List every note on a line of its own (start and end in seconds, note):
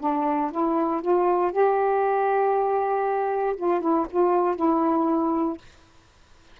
0.00 0.51 D4
0.51 1.01 E4
1.01 1.52 F4
1.52 3.55 G4
3.56 3.80 F4
3.80 4.06 E4
4.10 4.56 F4
4.56 5.57 E4